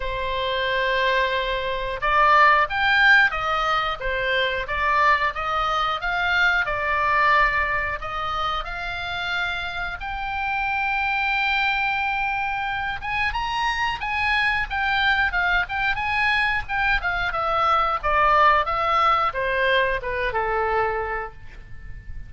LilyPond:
\new Staff \with { instrumentName = "oboe" } { \time 4/4 \tempo 4 = 90 c''2. d''4 | g''4 dis''4 c''4 d''4 | dis''4 f''4 d''2 | dis''4 f''2 g''4~ |
g''2.~ g''8 gis''8 | ais''4 gis''4 g''4 f''8 g''8 | gis''4 g''8 f''8 e''4 d''4 | e''4 c''4 b'8 a'4. | }